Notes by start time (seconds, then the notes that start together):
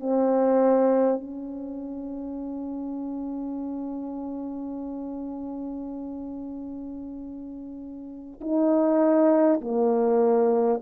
0.00 C4
1.20 C#4
8.41 D#4
9.61 A#3